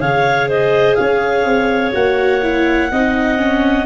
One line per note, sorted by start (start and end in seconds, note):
0.00 0.97 C#3
0.00 1.93 G#4
0.00 0.49 C#5
0.00 0.49 F5
0.49 0.98 C5
0.49 0.95 D#5
0.95 1.45 C#4
0.95 2.92 C#5
0.95 1.92 F5
1.45 1.94 C4
1.93 2.92 A#3
1.93 2.41 F#4
1.93 3.86 F#5
2.43 2.91 E4
2.92 3.86 C4
2.92 3.39 D#4
2.92 3.86 D#5
3.39 3.86 C#4